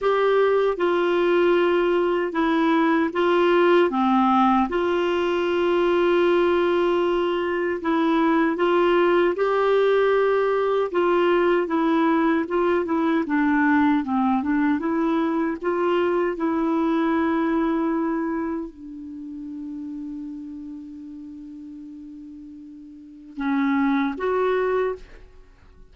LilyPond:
\new Staff \with { instrumentName = "clarinet" } { \time 4/4 \tempo 4 = 77 g'4 f'2 e'4 | f'4 c'4 f'2~ | f'2 e'4 f'4 | g'2 f'4 e'4 |
f'8 e'8 d'4 c'8 d'8 e'4 | f'4 e'2. | d'1~ | d'2 cis'4 fis'4 | }